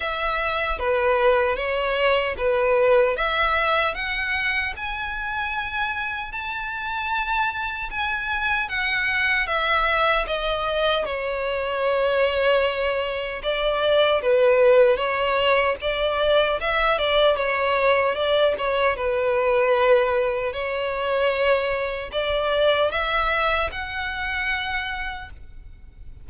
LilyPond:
\new Staff \with { instrumentName = "violin" } { \time 4/4 \tempo 4 = 76 e''4 b'4 cis''4 b'4 | e''4 fis''4 gis''2 | a''2 gis''4 fis''4 | e''4 dis''4 cis''2~ |
cis''4 d''4 b'4 cis''4 | d''4 e''8 d''8 cis''4 d''8 cis''8 | b'2 cis''2 | d''4 e''4 fis''2 | }